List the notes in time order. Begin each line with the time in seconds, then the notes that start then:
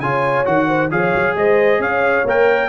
0.00 C#3 F4 C#5 G#5
0.45 D#3 F#4 F#5
0.68 C5
0.91 F3 G#4 C#5 F5
1.14 F#3
1.35 G#3 C5 D#5
1.80 C#4 C#5 F5
2.25 A#3 A#4 G5